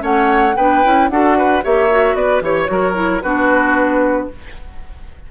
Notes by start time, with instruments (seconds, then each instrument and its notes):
0.00 bassoon A3, clarinet C#4, oboe C#5, flute F#5
0.57 bassoon B3, clarinet D4, oboe B4, flute G5
0.84 bassoon C#4, clarinet E4
1.10 bassoon D4, clarinet F#4, oboe A4, flute F#5
1.38 oboe B4
1.63 bassoon A#3, clarinet G4, oboe C#5, flute E5
1.91 clarinet F#4
2.15 bassoon B3, oboe B4, flute D5
2.42 bassoon E3, clarinet G4, flute C#5, oboe C#5
2.67 bassoon F#3, clarinet F#4, oboe A#4
2.95 clarinet E4
3.22 bassoon B3, clarinet D4, oboe F#4, flute B4